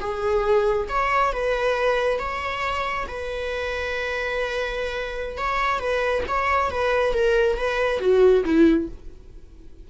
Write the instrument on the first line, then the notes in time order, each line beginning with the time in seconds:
viola
0.00 G#4
0.88 C#5
1.32 B4
2.19 C#5
3.08 B4
5.37 C#5
5.79 B4
6.27 C#5
6.70 B4
7.13 A#4
7.56 B4
8.00 F#4
8.44 E4